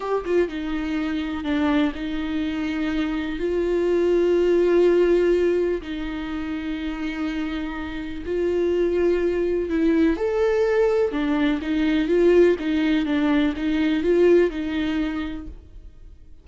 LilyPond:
\new Staff \with { instrumentName = "viola" } { \time 4/4 \tempo 4 = 124 g'8 f'8 dis'2 d'4 | dis'2. f'4~ | f'1 | dis'1~ |
dis'4 f'2. | e'4 a'2 d'4 | dis'4 f'4 dis'4 d'4 | dis'4 f'4 dis'2 | }